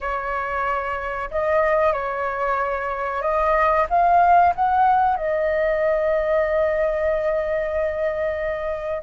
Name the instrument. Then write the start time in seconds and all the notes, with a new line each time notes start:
flute
0.00 C#5
1.30 D#5
1.92 C#5
3.22 D#5
3.89 F5
4.55 F#5
5.16 D#5